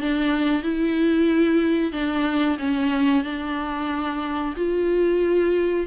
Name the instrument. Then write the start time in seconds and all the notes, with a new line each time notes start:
viola
0.00 D4
0.62 E4
1.92 D4
2.58 C#4
3.23 D4
4.56 F4